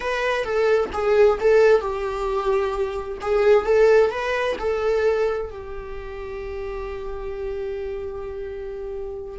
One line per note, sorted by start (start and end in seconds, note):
0.00 0.44 B4
0.44 0.90 A4
0.92 1.38 G#4
1.40 1.80 A4
1.80 3.18 G4
3.21 3.65 G#4
3.65 4.10 A4
4.10 4.56 B4
4.58 5.50 A4
5.50 9.38 G4